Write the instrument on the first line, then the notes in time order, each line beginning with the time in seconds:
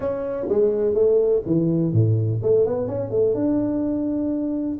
tuba
0.00 C#4
0.48 G#3
0.94 A3
1.46 E3
1.92 A2
2.42 A3
2.66 B3
2.87 C#4
3.10 A3
3.34 D4